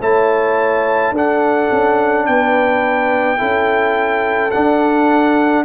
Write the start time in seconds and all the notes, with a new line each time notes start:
0.00 A3 E4 C#5 A5
1.11 D4 A4 F#5
1.71 C#4
2.26 B3 B4 G5
3.37 C#4 E4 A4
4.51 D4 F#5